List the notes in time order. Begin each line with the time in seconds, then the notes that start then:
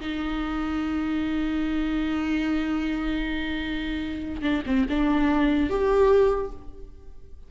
0.00 D#4
4.42 D4
4.66 C4
4.89 D4
5.70 G4